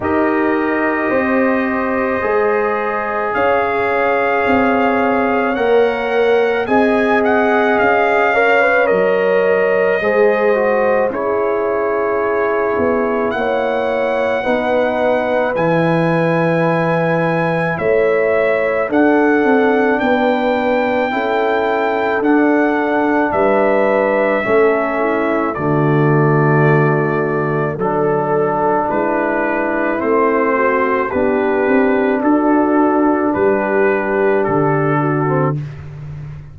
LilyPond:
<<
  \new Staff \with { instrumentName = "trumpet" } { \time 4/4 \tempo 4 = 54 dis''2. f''4~ | f''4 fis''4 gis''8 fis''8 f''4 | dis''2 cis''2 | fis''2 gis''2 |
e''4 fis''4 g''2 | fis''4 e''2 d''4~ | d''4 a'4 b'4 c''4 | b'4 a'4 b'4 a'4 | }
  \new Staff \with { instrumentName = "horn" } { \time 4/4 ais'4 c''2 cis''4~ | cis''2 dis''4. cis''8~ | cis''4 c''4 gis'2 | cis''4 b'2. |
cis''4 a'4 b'4 a'4~ | a'4 b'4 a'8 e'8 fis'4~ | fis'4 a'4 e'4. fis'8 | g'4 fis'4 g'4. fis'8 | }
  \new Staff \with { instrumentName = "trombone" } { \time 4/4 g'2 gis'2~ | gis'4 ais'4 gis'4. ais'16 b'16 | ais'4 gis'8 fis'8 e'2~ | e'4 dis'4 e'2~ |
e'4 d'2 e'4 | d'2 cis'4 a4~ | a4 d'2 c'4 | d'2.~ d'8. c'16 | }
  \new Staff \with { instrumentName = "tuba" } { \time 4/4 dis'4 c'4 gis4 cis'4 | c'4 ais4 c'4 cis'4 | fis4 gis4 cis'4. b8 | ais4 b4 e2 |
a4 d'8 c'8 b4 cis'4 | d'4 g4 a4 d4~ | d4 fis4 gis4 a4 | b8 c'8 d'4 g4 d4 | }
>>